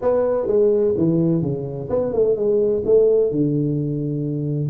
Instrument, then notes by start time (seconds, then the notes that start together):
tuba
0.01 B3
0.47 G#3
0.97 E3
1.42 C#3
1.89 B3
2.13 A3
2.36 G#3
2.85 A3
3.31 D3